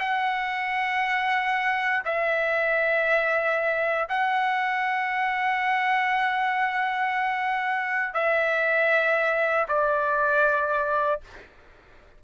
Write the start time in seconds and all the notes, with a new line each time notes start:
0.00 F#5
2.05 E5
4.09 F#5
8.14 E5
9.69 D5